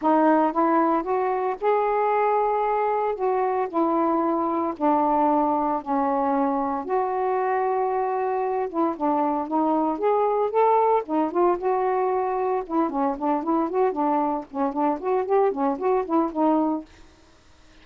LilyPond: \new Staff \with { instrumentName = "saxophone" } { \time 4/4 \tempo 4 = 114 dis'4 e'4 fis'4 gis'4~ | gis'2 fis'4 e'4~ | e'4 d'2 cis'4~ | cis'4 fis'2.~ |
fis'8 e'8 d'4 dis'4 gis'4 | a'4 dis'8 f'8 fis'2 | e'8 cis'8 d'8 e'8 fis'8 d'4 cis'8 | d'8 fis'8 g'8 cis'8 fis'8 e'8 dis'4 | }